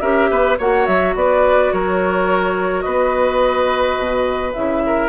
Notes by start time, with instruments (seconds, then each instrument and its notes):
0.00 bassoon C#4, clarinet G4, oboe A#4, flute E5
0.30 bassoon B3, oboe B4
0.58 bassoon A#3, clarinet F#4, oboe C#5, flute F#5
0.86 bassoon F#3, flute E5
1.15 bassoon B3, oboe B4, flute D5
1.72 bassoon F#3, oboe A#4, flute C#5
2.81 bassoon B3, oboe B4, flute D#5
3.98 bassoon B2
4.53 bassoon C#3, clarinet E4, flute E5
4.86 oboe A#4